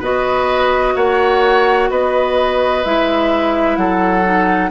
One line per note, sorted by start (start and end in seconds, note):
0.00 0.95 B3
0.00 2.84 F#4
0.00 0.94 B4
0.00 0.96 D#5
0.96 1.90 A#3
0.96 1.90 C#5
0.96 1.90 F#5
1.90 2.84 B3
1.90 3.78 B4
1.90 2.84 D#5
2.85 3.77 G#3
2.85 4.24 E4
2.85 3.76 E5
3.76 4.71 F#3
3.76 4.71 A4
3.76 4.70 F#5
4.24 4.71 D#4